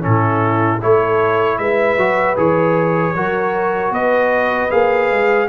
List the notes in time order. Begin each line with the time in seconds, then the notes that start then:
0.00 A2 C#4 E4 A4
0.81 A3 E4 A4 C#5
1.58 G#3 B4 E5
1.97 F#3 F#4
2.36 E3 G#4 C#5
3.14 F#3 F#4 A#4
3.90 B3 B4 D#5
4.69 A#3 G#4 F5
5.10 G#3